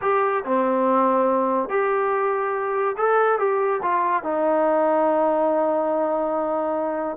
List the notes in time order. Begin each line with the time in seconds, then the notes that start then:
0.01 G4
0.44 C4
1.69 G4
2.97 A4
3.39 G4
3.82 F4
4.23 D#4